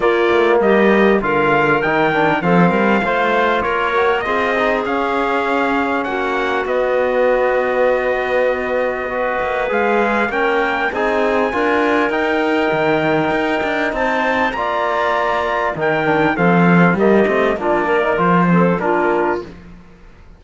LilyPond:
<<
  \new Staff \with { instrumentName = "trumpet" } { \time 4/4 \tempo 4 = 99 d''4 dis''4 f''4 g''4 | f''2 cis''4 dis''4 | f''2 fis''4 dis''4~ | dis''1 |
f''4 g''4 gis''2 | g''2. a''4 | ais''2 g''4 f''4 | dis''4 d''4 c''4 ais'4 | }
  \new Staff \with { instrumentName = "clarinet" } { \time 4/4 f'4 g'4 ais'2 | a'8 ais'8 c''4 ais'4 gis'4~ | gis'2 fis'2~ | fis'2. b'4~ |
b'4 ais'4 gis'4 ais'4~ | ais'2. c''4 | d''2 ais'4 a'4 | g'4 f'8 ais'4 a'8 f'4 | }
  \new Staff \with { instrumentName = "trombone" } { \time 4/4 ais2 f'4 dis'8 d'8 | c'4 f'4. fis'8 f'8 dis'8 | cis'2. b4~ | b2. fis'4 |
gis'4 cis'4 dis'4 f'4 | dis'1 | f'2 dis'8 d'8 c'4 | ais8 c'8 d'8. dis'16 f'8 c'8 d'4 | }
  \new Staff \with { instrumentName = "cello" } { \time 4/4 ais8 a8 g4 d4 dis4 | f8 g8 a4 ais4 c'4 | cis'2 ais4 b4~ | b2.~ b8 ais8 |
gis4 ais4 c'4 d'4 | dis'4 dis4 dis'8 d'8 c'4 | ais2 dis4 f4 | g8 a8 ais4 f4 ais4 | }
>>